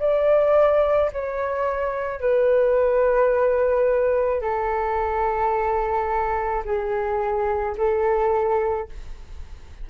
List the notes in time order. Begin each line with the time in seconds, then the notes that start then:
0.00 D5
1.13 C#5
2.21 B4
4.41 A4
6.65 G#4
7.78 A4